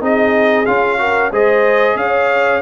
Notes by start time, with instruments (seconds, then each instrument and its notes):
0.00 tuba C4, trombone D#4, horn G#4, trumpet D#5
0.65 tuba C#4, trombone F4, trumpet F5
0.98 trombone F#4, horn A#4
1.31 tuba G#3, trombone G#4, horn C5, trumpet D#5
1.95 tuba C#4, horn C#5, trumpet F5